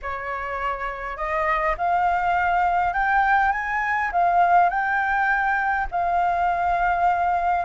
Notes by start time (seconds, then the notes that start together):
0.02 C#5
1.16 D#5
1.77 F5
2.93 G5
3.52 G#5
4.12 F5
4.69 G5
5.91 F5